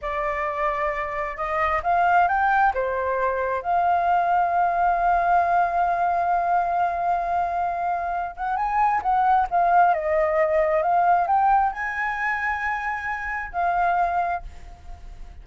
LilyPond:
\new Staff \with { instrumentName = "flute" } { \time 4/4 \tempo 4 = 133 d''2. dis''4 | f''4 g''4 c''2 | f''1~ | f''1~ |
f''2~ f''8 fis''8 gis''4 | fis''4 f''4 dis''2 | f''4 g''4 gis''2~ | gis''2 f''2 | }